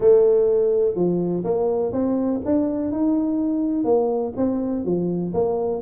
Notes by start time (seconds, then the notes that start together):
0.00 A3
0.95 F3
1.44 A#3
1.92 C4
2.45 D4
2.91 D#4
3.84 A#3
4.36 C4
4.85 F3
5.33 A#3